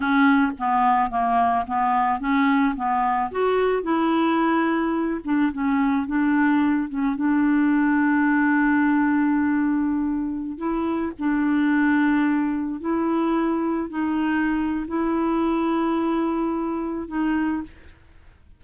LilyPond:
\new Staff \with { instrumentName = "clarinet" } { \time 4/4 \tempo 4 = 109 cis'4 b4 ais4 b4 | cis'4 b4 fis'4 e'4~ | e'4. d'8 cis'4 d'4~ | d'8 cis'8 d'2.~ |
d'2.~ d'16 e'8.~ | e'16 d'2. e'8.~ | e'4~ e'16 dis'4.~ dis'16 e'4~ | e'2. dis'4 | }